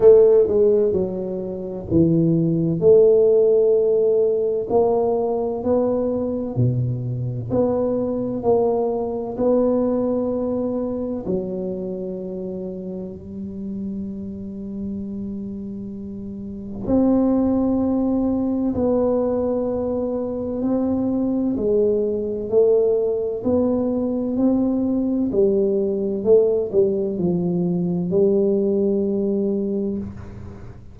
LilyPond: \new Staff \with { instrumentName = "tuba" } { \time 4/4 \tempo 4 = 64 a8 gis8 fis4 e4 a4~ | a4 ais4 b4 b,4 | b4 ais4 b2 | fis2 g2~ |
g2 c'2 | b2 c'4 gis4 | a4 b4 c'4 g4 | a8 g8 f4 g2 | }